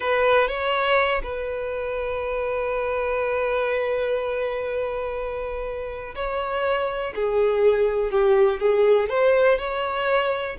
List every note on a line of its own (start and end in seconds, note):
0.00 0.48 B4
0.48 1.21 C#5
1.23 6.14 B4
6.15 7.13 C#5
7.15 8.11 G#4
8.11 8.60 G4
8.60 9.09 G#4
9.09 9.58 C5
9.58 10.56 C#5